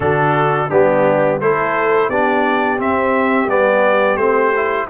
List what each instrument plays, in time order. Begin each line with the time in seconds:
0.00 tuba D3, trombone D4, horn F#4, trumpet A4
0.69 tuba G3, trombone B3, horn D4, trumpet G4
1.40 tuba A3, trombone E4, horn A4, trumpet C5
2.09 tuba B3, trombone D4, horn G4, trumpet D5
2.78 trombone C4, tuba C4, trumpet E5
3.47 tuba G3, trombone B3, trumpet D5
4.16 tuba A3, trombone C4, trumpet C5
4.56 trombone E4